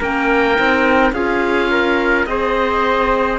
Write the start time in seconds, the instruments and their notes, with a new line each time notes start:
0.00 cello A#3, clarinet C#4, trumpet A#4, oboe G5
0.56 cello C4, clarinet D#4
1.12 cello C#4, clarinet F4, trumpet G#4, oboe F5
1.72 trumpet A#4
2.26 cello C4, clarinet G#4, trumpet C5, oboe D#5